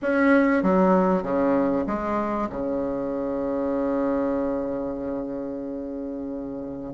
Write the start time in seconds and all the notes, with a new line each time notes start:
0.02 C#4
0.62 F#3
1.23 C#3
1.86 G#3
2.49 C#3